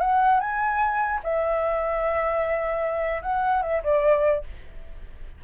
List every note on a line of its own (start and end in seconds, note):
0.00 0.40 F#5
0.40 1.20 G#5
1.23 3.22 E5
3.22 3.62 F#5
3.62 3.82 E5
3.83 4.43 D5